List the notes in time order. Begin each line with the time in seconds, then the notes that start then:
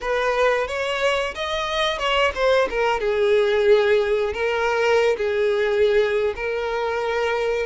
0.01 B4
0.67 C#5
1.34 D#5
1.98 C#5
2.35 C5
2.69 A#4
2.99 G#4
4.33 A#4
5.17 G#4
6.35 A#4